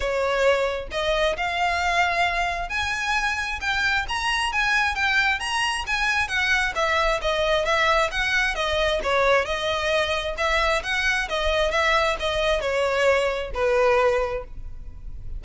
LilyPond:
\new Staff \with { instrumentName = "violin" } { \time 4/4 \tempo 4 = 133 cis''2 dis''4 f''4~ | f''2 gis''2 | g''4 ais''4 gis''4 g''4 | ais''4 gis''4 fis''4 e''4 |
dis''4 e''4 fis''4 dis''4 | cis''4 dis''2 e''4 | fis''4 dis''4 e''4 dis''4 | cis''2 b'2 | }